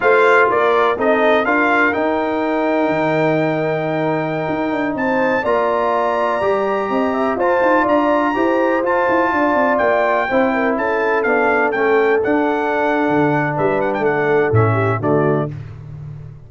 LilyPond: <<
  \new Staff \with { instrumentName = "trumpet" } { \time 4/4 \tempo 4 = 124 f''4 d''4 dis''4 f''4 | g''1~ | g''2~ g''16 a''4 ais''8.~ | ais''2.~ ais''16 a''8.~ |
a''16 ais''2 a''4.~ a''16~ | a''16 g''2 a''4 f''8.~ | f''16 g''4 fis''2~ fis''8. | e''8 fis''16 g''16 fis''4 e''4 d''4 | }
  \new Staff \with { instrumentName = "horn" } { \time 4/4 c''4 ais'4 a'4 ais'4~ | ais'1~ | ais'2~ ais'16 c''4 d''8.~ | d''2~ d''16 dis''8 e''8 c''8.~ |
c''16 d''4 c''2 d''8.~ | d''4~ d''16 c''8 ais'8 a'4.~ a'16~ | a'1 | b'4 a'4. g'8 fis'4 | }
  \new Staff \with { instrumentName = "trombone" } { \time 4/4 f'2 dis'4 f'4 | dis'1~ | dis'2.~ dis'16 f'8.~ | f'4~ f'16 g'2 f'8.~ |
f'4~ f'16 g'4 f'4.~ f'16~ | f'4~ f'16 e'2 d'8.~ | d'16 cis'4 d'2~ d'8.~ | d'2 cis'4 a4 | }
  \new Staff \with { instrumentName = "tuba" } { \time 4/4 a4 ais4 c'4 d'4 | dis'2 dis2~ | dis4~ dis16 dis'8 d'8 c'4 ais8.~ | ais4~ ais16 g4 c'4 f'8 dis'16~ |
dis'16 d'4 e'4 f'8 e'8 d'8 c'16~ | c'16 ais4 c'4 cis'4 b8.~ | b16 a4 d'4.~ d'16 d4 | g4 a4 a,4 d4 | }
>>